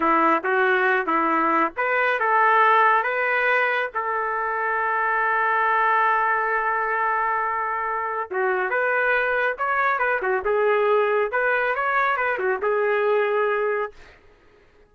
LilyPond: \new Staff \with { instrumentName = "trumpet" } { \time 4/4 \tempo 4 = 138 e'4 fis'4. e'4. | b'4 a'2 b'4~ | b'4 a'2.~ | a'1~ |
a'2. fis'4 | b'2 cis''4 b'8 fis'8 | gis'2 b'4 cis''4 | b'8 fis'8 gis'2. | }